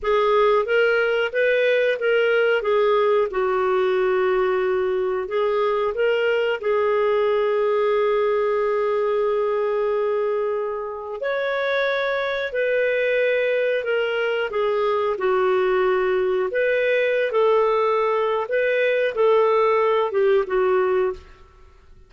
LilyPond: \new Staff \with { instrumentName = "clarinet" } { \time 4/4 \tempo 4 = 91 gis'4 ais'4 b'4 ais'4 | gis'4 fis'2. | gis'4 ais'4 gis'2~ | gis'1~ |
gis'4 cis''2 b'4~ | b'4 ais'4 gis'4 fis'4~ | fis'4 b'4~ b'16 a'4.~ a'16 | b'4 a'4. g'8 fis'4 | }